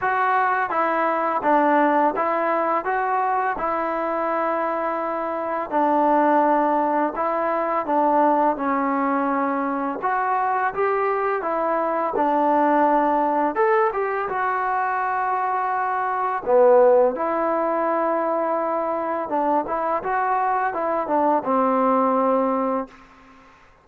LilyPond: \new Staff \with { instrumentName = "trombone" } { \time 4/4 \tempo 4 = 84 fis'4 e'4 d'4 e'4 | fis'4 e'2. | d'2 e'4 d'4 | cis'2 fis'4 g'4 |
e'4 d'2 a'8 g'8 | fis'2. b4 | e'2. d'8 e'8 | fis'4 e'8 d'8 c'2 | }